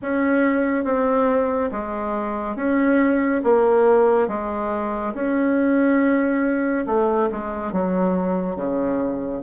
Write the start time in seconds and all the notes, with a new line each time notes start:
0.02 C#4
0.84 C4
1.71 G#3
2.56 C#4
3.44 A#3
4.28 G#3
5.14 C#4
6.86 A3
7.31 G#3
7.72 F#3
8.56 C#3